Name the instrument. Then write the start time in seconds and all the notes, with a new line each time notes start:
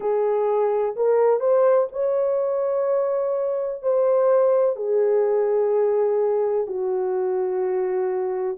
horn
0.00 G#4
0.95 A#4
1.40 C5
1.92 C#5
3.82 C5
4.76 G#4
6.67 F#4